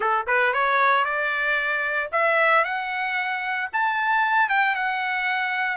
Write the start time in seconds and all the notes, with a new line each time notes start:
0.00 A4
0.26 B4
0.53 C#5
1.04 D5
2.11 E5
2.64 F#5
3.72 A5
4.49 G5
4.75 F#5